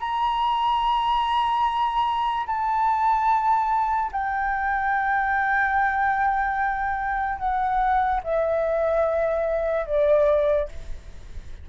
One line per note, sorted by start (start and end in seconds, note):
0.00 2.47 A#5
2.47 4.11 A5
4.12 7.39 G5
7.39 8.21 F#5
8.24 9.87 E5
9.87 10.69 D5